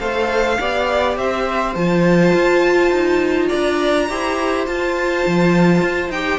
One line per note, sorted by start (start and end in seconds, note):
0.00 0.59 A3
0.00 0.59 A4
0.00 0.58 C5
0.00 1.17 F5
0.60 1.17 B3
0.60 1.76 G4
0.60 1.18 D5
1.17 1.75 C4
1.17 3.48 C5
1.17 1.75 E5
1.75 2.34 F3
1.75 4.09 F4
1.75 3.49 A5
2.34 2.91 F4
2.91 3.50 D#4
3.48 4.10 D4
3.48 4.07 D5
3.48 4.65 A#5
4.09 4.67 E4
4.09 4.67 G4
4.09 6.40 C5
4.67 6.13 F4
4.67 5.26 F4
4.67 6.12 A5
5.27 5.82 F3
5.82 6.09 F4
6.09 6.39 D#4
6.09 6.40 G4
6.09 6.40 G5